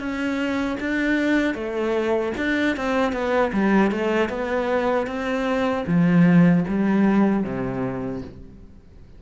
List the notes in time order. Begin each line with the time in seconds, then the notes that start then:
0.00 C#4
0.80 D4
1.55 A3
2.38 D4
2.77 C4
3.13 B3
3.53 G3
3.92 A3
4.30 B3
5.07 C4
5.87 F3
6.68 G3
7.44 C3